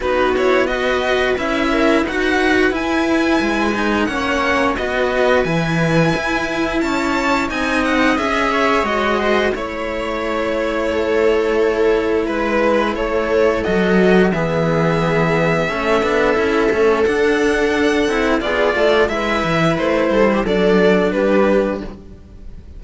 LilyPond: <<
  \new Staff \with { instrumentName = "violin" } { \time 4/4 \tempo 4 = 88 b'8 cis''8 dis''4 e''4 fis''4 | gis''2 fis''4 dis''4 | gis''2 a''4 gis''8 fis''8 | e''4 dis''4 cis''2~ |
cis''2 b'4 cis''4 | dis''4 e''2.~ | e''4 fis''2 d''4 | e''4 c''4 d''4 b'4 | }
  \new Staff \with { instrumentName = "viola" } { \time 4/4 fis'4 b'4. ais'8 b'4~ | b'2 cis''4 b'4~ | b'2 cis''4 dis''4~ | dis''8 cis''4 c''8 cis''2 |
a'2 b'4 a'4~ | a'4 gis'2 a'4~ | a'2. gis'8 a'8 | b'4. a'16 g'16 a'4 g'4 | }
  \new Staff \with { instrumentName = "cello" } { \time 4/4 dis'8 e'8 fis'4 e'4 fis'4 | e'4. dis'8 cis'4 fis'4 | e'2. dis'4 | gis'4 fis'4 e'2~ |
e'1 | fis'4 b2 cis'8 d'8 | e'8 cis'8 d'4. e'8 f'4 | e'2 d'2 | }
  \new Staff \with { instrumentName = "cello" } { \time 4/4 b2 cis'4 dis'4 | e'4 gis4 ais4 b4 | e4 e'4 cis'4 c'4 | cis'4 gis4 a2~ |
a2 gis4 a4 | fis4 e2 a8 b8 | cis'8 a8 d'4. c'8 b8 a8 | gis8 e8 a8 g8 fis4 g4 | }
>>